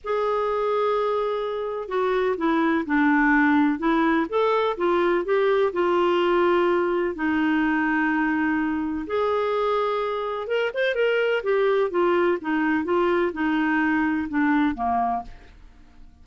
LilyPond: \new Staff \with { instrumentName = "clarinet" } { \time 4/4 \tempo 4 = 126 gis'1 | fis'4 e'4 d'2 | e'4 a'4 f'4 g'4 | f'2. dis'4~ |
dis'2. gis'4~ | gis'2 ais'8 c''8 ais'4 | g'4 f'4 dis'4 f'4 | dis'2 d'4 ais4 | }